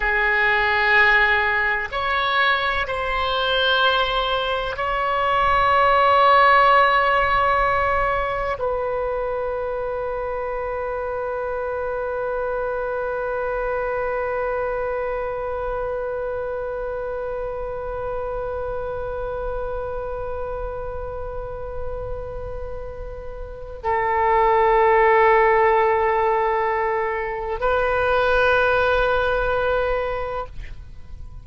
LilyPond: \new Staff \with { instrumentName = "oboe" } { \time 4/4 \tempo 4 = 63 gis'2 cis''4 c''4~ | c''4 cis''2.~ | cis''4 b'2.~ | b'1~ |
b'1~ | b'1~ | b'4 a'2.~ | a'4 b'2. | }